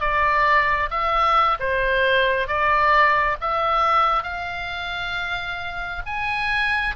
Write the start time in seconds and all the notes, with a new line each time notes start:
0.00 D5
0.90 E5
1.60 C5
2.47 D5
3.41 E5
4.23 F5
6.06 G#5